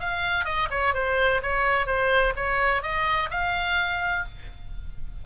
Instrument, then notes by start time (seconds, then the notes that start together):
oboe
0.00 F5
0.45 D#5
0.71 C#5
0.94 C5
1.43 C#5
1.87 C5
2.36 C#5
2.83 D#5
3.30 F5